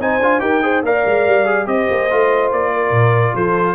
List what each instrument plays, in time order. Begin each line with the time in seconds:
0.00 tuba C4, trombone D#4, horn C5, trumpet G#5
0.19 tuba D4, trombone F4
0.40 tuba D#4, trombone G4, horn A#4, trumpet G5
0.63 trombone G#4, horn C5
0.83 tuba A#3, trombone A#4, horn D5, trumpet F5
1.06 tuba G#3
1.27 tuba G3
1.46 trombone G#4
1.66 tuba C4, trombone G4, horn C5, trumpet D#5
1.91 tuba A#3
2.11 tuba A3, trombone F4
2.53 tuba A#3, trumpet D5
2.74 horn A#4
2.91 tuba A#2
3.35 tuba F3, horn A4, trumpet C5